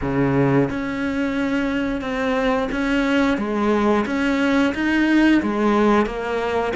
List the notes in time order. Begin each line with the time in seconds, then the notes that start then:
0.01 C#3
0.70 C#4
2.01 C4
2.71 C#4
3.37 G#3
4.06 C#4
4.74 D#4
5.42 G#3
6.06 A#3